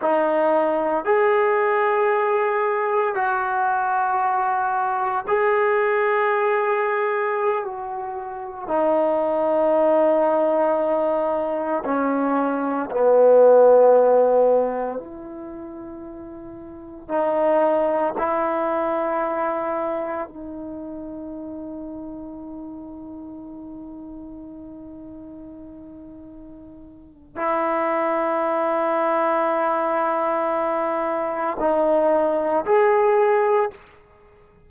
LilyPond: \new Staff \with { instrumentName = "trombone" } { \time 4/4 \tempo 4 = 57 dis'4 gis'2 fis'4~ | fis'4 gis'2~ gis'16 fis'8.~ | fis'16 dis'2. cis'8.~ | cis'16 b2 e'4.~ e'16~ |
e'16 dis'4 e'2 dis'8.~ | dis'1~ | dis'2 e'2~ | e'2 dis'4 gis'4 | }